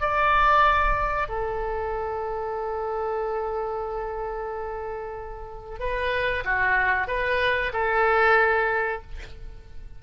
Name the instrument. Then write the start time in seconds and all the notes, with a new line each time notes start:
oboe
0.00 D5
1.28 A4
5.79 B4
6.45 F#4
7.07 B4
7.73 A4